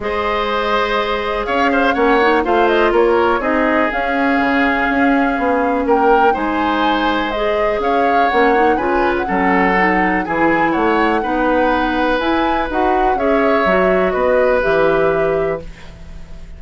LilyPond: <<
  \new Staff \with { instrumentName = "flute" } { \time 4/4 \tempo 4 = 123 dis''2. f''4 | fis''4 f''8 dis''8 cis''4 dis''4 | f''1 | g''4 gis''2 dis''4 |
f''4 fis''4 gis''8. fis''4~ fis''16~ | fis''4 gis''4 fis''2~ | fis''4 gis''4 fis''4 e''4~ | e''4 dis''4 e''2 | }
  \new Staff \with { instrumentName = "oboe" } { \time 4/4 c''2. cis''8 c''8 | cis''4 c''4 ais'4 gis'4~ | gis'1 | ais'4 c''2. |
cis''2 b'4 a'4~ | a'4 gis'4 cis''4 b'4~ | b'2. cis''4~ | cis''4 b'2. | }
  \new Staff \with { instrumentName = "clarinet" } { \time 4/4 gis'1 | cis'8 dis'8 f'2 dis'4 | cis'1~ | cis'4 dis'2 gis'4~ |
gis'4 cis'8 dis'8 f'4 cis'4 | dis'4 e'2 dis'4~ | dis'4 e'4 fis'4 gis'4 | fis'2 g'2 | }
  \new Staff \with { instrumentName = "bassoon" } { \time 4/4 gis2. cis'4 | ais4 a4 ais4 c'4 | cis'4 cis4 cis'4 b4 | ais4 gis2. |
cis'4 ais4 cis4 fis4~ | fis4 e4 a4 b4~ | b4 e'4 dis'4 cis'4 | fis4 b4 e2 | }
>>